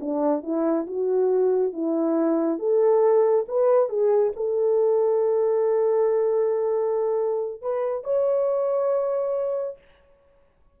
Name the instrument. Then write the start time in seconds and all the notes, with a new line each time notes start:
horn
0.00 D4
0.42 E4
0.86 F#4
1.73 E4
2.58 A4
3.47 B4
3.89 G#4
4.36 A4
7.61 B4
8.04 C#5